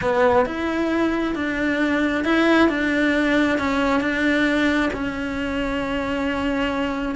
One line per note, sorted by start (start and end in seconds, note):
0.01 0.45 B3
0.45 1.35 E4
1.35 2.24 D4
2.24 2.69 E4
2.69 3.58 D4
3.58 4.00 C#4
4.00 4.89 D4
4.93 7.15 C#4